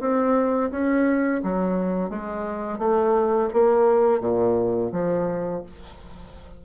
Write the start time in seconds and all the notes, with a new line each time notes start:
0.00 C4
0.71 C#4
1.43 F#3
2.10 G#3
2.78 A3
3.53 A#3
4.20 A#2
4.92 F3